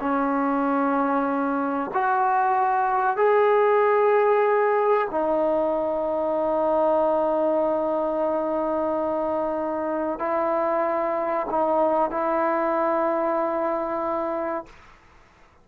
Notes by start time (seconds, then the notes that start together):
0.00 C#4
1.94 F#4
3.17 G#4
5.11 D#4
10.19 E4
11.51 D#4
12.11 E4